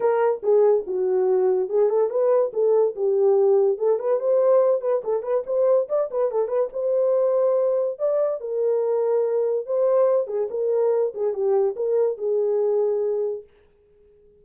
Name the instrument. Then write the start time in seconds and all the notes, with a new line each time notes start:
horn
0.00 A#4
0.42 G#4
0.86 F#4
1.69 G#4
1.89 A4
2.10 B4
2.53 A4
2.95 G4
3.78 A4
3.99 B4
4.19 C5
4.81 B4
5.04 A4
5.22 B4
5.46 C5
5.88 D5
6.10 B4
6.31 A4
6.47 B4
6.72 C5
7.98 D5
8.40 A#4
9.66 C5
10.27 G#4
10.50 A#4
11.14 G#4
11.33 G4
11.76 A#4
12.17 G#4